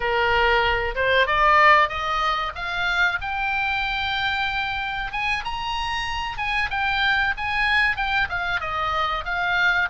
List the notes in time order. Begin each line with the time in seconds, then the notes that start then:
0.00 A#4
0.95 C5
1.26 D5
1.88 D#5
2.55 F5
3.21 G5
5.12 G#5
5.44 A#5
6.37 G#5
6.70 G5
7.37 G#5
7.96 G5
8.29 F5
8.60 D#5
9.25 F5